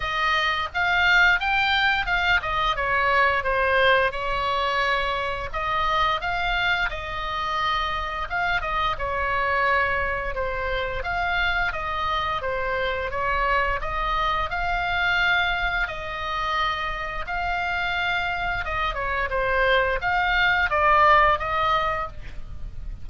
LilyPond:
\new Staff \with { instrumentName = "oboe" } { \time 4/4 \tempo 4 = 87 dis''4 f''4 g''4 f''8 dis''8 | cis''4 c''4 cis''2 | dis''4 f''4 dis''2 | f''8 dis''8 cis''2 c''4 |
f''4 dis''4 c''4 cis''4 | dis''4 f''2 dis''4~ | dis''4 f''2 dis''8 cis''8 | c''4 f''4 d''4 dis''4 | }